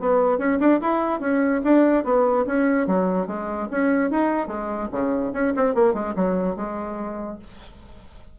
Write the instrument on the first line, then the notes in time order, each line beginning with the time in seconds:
bassoon
0.00 B3
0.38 C#4
0.60 D4
0.81 E4
1.21 C#4
1.64 D4
2.05 B3
2.47 C#4
2.87 F#3
3.27 G#3
3.71 C#4
4.11 D#4
4.48 G#3
4.92 C#3
5.33 C#4
5.57 C4
5.75 A#3
5.94 G#3
6.16 F#3
6.57 G#3